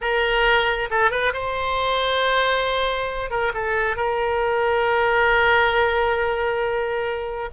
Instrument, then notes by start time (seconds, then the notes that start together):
oboe
0.01 A#4
0.90 A4
1.10 B4
1.33 C5
3.30 A#4
3.54 A4
3.96 A#4